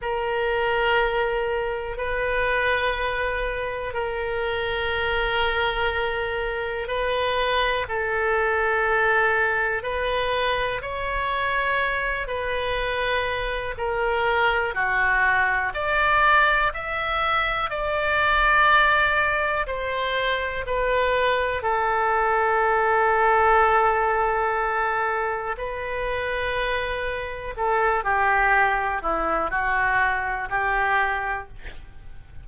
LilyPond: \new Staff \with { instrumentName = "oboe" } { \time 4/4 \tempo 4 = 61 ais'2 b'2 | ais'2. b'4 | a'2 b'4 cis''4~ | cis''8 b'4. ais'4 fis'4 |
d''4 e''4 d''2 | c''4 b'4 a'2~ | a'2 b'2 | a'8 g'4 e'8 fis'4 g'4 | }